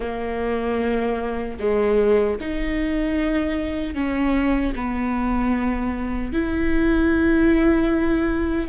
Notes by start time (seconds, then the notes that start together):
0.00 A#3
1.59 G#3
2.40 D#4
3.94 C#4
4.75 B3
6.32 E4